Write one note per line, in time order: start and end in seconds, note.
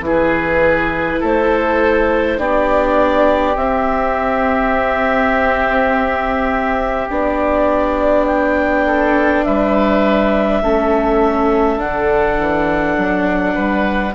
0.00 1.18 E3
0.00 2.37 E4
0.06 1.20 G#4
0.06 1.24 B4
1.20 2.38 A3
1.20 2.38 A4
1.20 2.39 C5
2.37 3.56 B3
2.37 3.55 D4
2.37 8.86 G4
2.37 3.56 D5
3.56 7.09 C4
3.56 7.10 C4
3.56 7.09 E5
7.10 9.45 B3
7.10 10.63 D4
7.10 8.27 D5
8.27 9.44 G5
8.86 9.45 A4
9.44 10.62 G3
9.44 10.62 B4
9.44 11.79 E5
10.62 11.79 A3
10.62 11.78 C#4
10.62 13.54 A4
11.78 12.38 D3
11.78 14.13 D4
11.78 14.15 F#5
12.38 12.97 E3
12.97 13.56 F#3
13.54 14.15 G3
13.54 14.13 B4